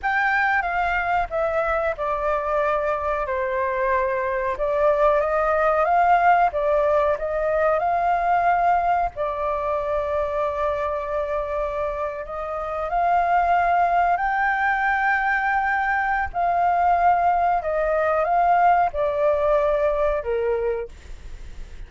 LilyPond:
\new Staff \with { instrumentName = "flute" } { \time 4/4 \tempo 4 = 92 g''4 f''4 e''4 d''4~ | d''4 c''2 d''4 | dis''4 f''4 d''4 dis''4 | f''2 d''2~ |
d''2~ d''8. dis''4 f''16~ | f''4.~ f''16 g''2~ g''16~ | g''4 f''2 dis''4 | f''4 d''2 ais'4 | }